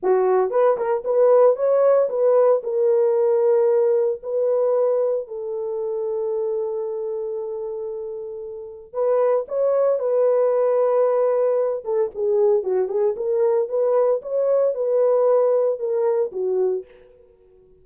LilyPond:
\new Staff \with { instrumentName = "horn" } { \time 4/4 \tempo 4 = 114 fis'4 b'8 ais'8 b'4 cis''4 | b'4 ais'2. | b'2 a'2~ | a'1~ |
a'4 b'4 cis''4 b'4~ | b'2~ b'8 a'8 gis'4 | fis'8 gis'8 ais'4 b'4 cis''4 | b'2 ais'4 fis'4 | }